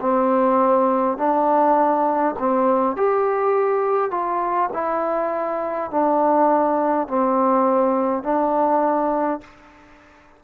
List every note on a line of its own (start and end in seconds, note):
0.00 1.17 C4
1.17 2.35 D4
2.39 2.96 C4
2.96 4.11 G4
4.11 4.70 F4
4.73 5.90 E4
5.90 7.07 D4
7.07 8.23 C4
8.23 9.41 D4